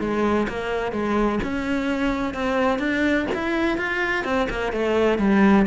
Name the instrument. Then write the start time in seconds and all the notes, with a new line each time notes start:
cello
0.00 G#3
0.48 A#3
0.92 G#3
1.43 C#4
2.34 C4
2.79 D4
3.34 E4
3.78 F4
4.24 C4
4.50 A#3
4.72 A3
5.18 G3